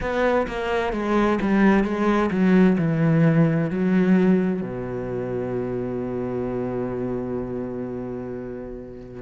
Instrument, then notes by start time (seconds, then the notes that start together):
cello
0.00 B3
0.47 A#3
0.92 G#3
1.41 G3
1.83 G#3
2.31 F#3
2.77 E3
3.70 F#3
4.62 B2